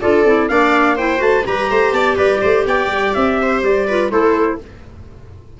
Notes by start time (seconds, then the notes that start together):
0.00 D4 F4 A4 D5
0.24 C4 E4
0.48 A#3 D4 D5 F5
0.95 E4 C5 G5
1.17 A3 F#4 A5
1.45 G3 G4 B4 A#5
1.70 A3 C5
1.92 B3 D5 A5
2.15 G3 B4 D5
2.41 A3 C5
2.65 B3 D5 G5
2.87 G3
3.13 C4 E5
3.41 C5
3.62 G3 D5
3.87 F4 B4
4.09 A3 E4 A4 C5